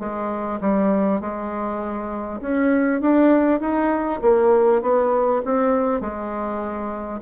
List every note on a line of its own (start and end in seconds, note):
0.00 0.60 G#3
0.61 1.21 G3
1.21 2.41 G#3
2.41 3.01 C#4
3.02 3.61 D4
3.61 4.21 D#4
4.22 4.82 A#3
4.82 5.42 B3
5.45 6.01 C4
6.01 7.21 G#3